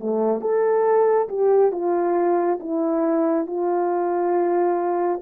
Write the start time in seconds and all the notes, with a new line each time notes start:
0.00 A3
0.41 A4
1.28 G4
1.72 F4
2.60 E4
3.47 F4